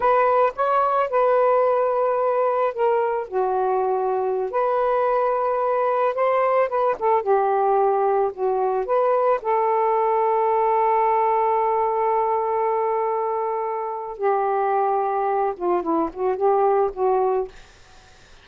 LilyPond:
\new Staff \with { instrumentName = "saxophone" } { \time 4/4 \tempo 4 = 110 b'4 cis''4 b'2~ | b'4 ais'4 fis'2~ | fis'16 b'2. c''8.~ | c''16 b'8 a'8 g'2 fis'8.~ |
fis'16 b'4 a'2~ a'8.~ | a'1~ | a'2 g'2~ | g'8 f'8 e'8 fis'8 g'4 fis'4 | }